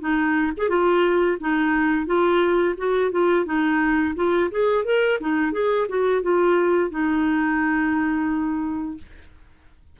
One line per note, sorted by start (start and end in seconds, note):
0.00 0.52 D#4
0.57 0.69 G#4
0.69 1.38 F4
1.40 2.06 D#4
2.06 2.75 F4
2.77 3.11 F#4
3.11 3.45 F4
3.45 4.14 D#4
4.15 4.50 F4
4.51 4.84 G#4
4.84 5.19 A#4
5.20 5.52 D#4
5.52 5.87 G#4
5.88 6.22 F#4
6.22 6.90 F4
6.90 8.97 D#4